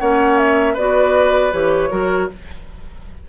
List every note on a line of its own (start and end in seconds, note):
0.00 0.77 A#3
0.00 0.77 C#4
0.00 0.74 C#5
0.00 0.38 F#5
0.38 0.77 E5
0.74 1.53 B3
0.74 1.52 F#4
0.74 1.90 B4
0.74 1.53 D5
1.52 1.91 E3
1.52 1.90 G4
1.52 2.30 C#5
1.90 2.30 F#3
1.90 2.29 F#4
1.90 2.30 A#4